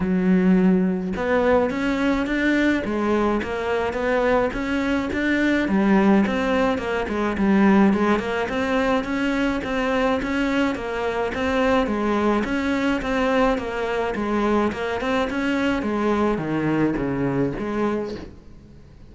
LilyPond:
\new Staff \with { instrumentName = "cello" } { \time 4/4 \tempo 4 = 106 fis2 b4 cis'4 | d'4 gis4 ais4 b4 | cis'4 d'4 g4 c'4 | ais8 gis8 g4 gis8 ais8 c'4 |
cis'4 c'4 cis'4 ais4 | c'4 gis4 cis'4 c'4 | ais4 gis4 ais8 c'8 cis'4 | gis4 dis4 cis4 gis4 | }